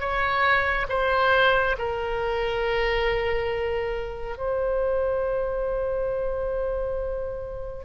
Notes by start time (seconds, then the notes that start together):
0.00 C#5
0.89 C5
1.78 A#4
4.38 C5